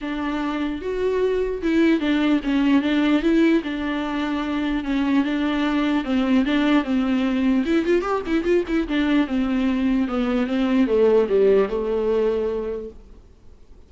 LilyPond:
\new Staff \with { instrumentName = "viola" } { \time 4/4 \tempo 4 = 149 d'2 fis'2 | e'4 d'4 cis'4 d'4 | e'4 d'2. | cis'4 d'2 c'4 |
d'4 c'2 e'8 f'8 | g'8 e'8 f'8 e'8 d'4 c'4~ | c'4 b4 c'4 a4 | g4 a2. | }